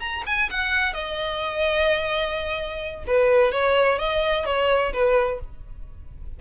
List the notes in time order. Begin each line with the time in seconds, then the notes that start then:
0.00 A#5
0.26 G#5
0.50 F#5
0.94 D#5
3.07 B4
3.52 C#5
3.99 D#5
4.46 C#5
4.93 B4